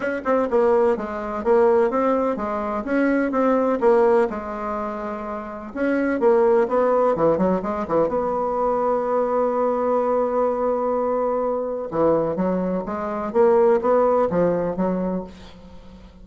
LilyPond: \new Staff \with { instrumentName = "bassoon" } { \time 4/4 \tempo 4 = 126 cis'8 c'8 ais4 gis4 ais4 | c'4 gis4 cis'4 c'4 | ais4 gis2. | cis'4 ais4 b4 e8 fis8 |
gis8 e8 b2.~ | b1~ | b4 e4 fis4 gis4 | ais4 b4 f4 fis4 | }